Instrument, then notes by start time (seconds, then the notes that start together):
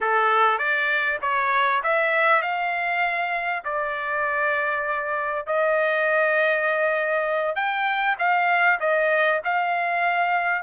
trumpet
0.01 A4
0.58 D5
1.21 C#5
1.83 E5
2.42 F5
3.64 D5
5.46 D#5
7.55 G5
8.18 F5
8.80 D#5
9.44 F5